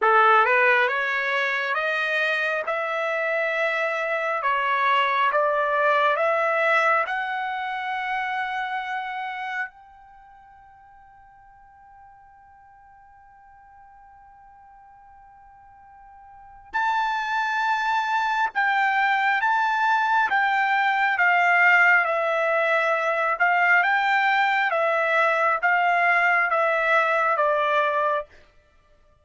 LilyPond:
\new Staff \with { instrumentName = "trumpet" } { \time 4/4 \tempo 4 = 68 a'8 b'8 cis''4 dis''4 e''4~ | e''4 cis''4 d''4 e''4 | fis''2. g''4~ | g''1~ |
g''2. a''4~ | a''4 g''4 a''4 g''4 | f''4 e''4. f''8 g''4 | e''4 f''4 e''4 d''4 | }